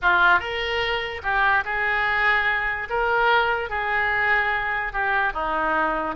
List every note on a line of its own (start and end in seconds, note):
0.01 0.39 F4
0.39 1.21 A#4
1.22 1.63 G4
1.65 2.88 G#4
2.89 3.69 A#4
3.69 4.92 G#4
4.92 5.33 G4
5.33 6.15 D#4